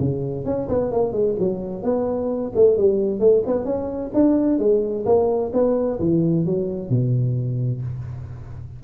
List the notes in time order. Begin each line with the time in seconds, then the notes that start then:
0.00 C#3
0.46 C#4
0.69 B3
0.92 A#3
1.13 G#3
1.40 F#3
1.83 B3
2.56 A3
2.78 G3
3.20 A3
3.47 B3
3.65 C#4
4.15 D4
4.59 G#3
5.06 A#3
5.54 B3
6.00 E3
6.46 F#3
6.90 B2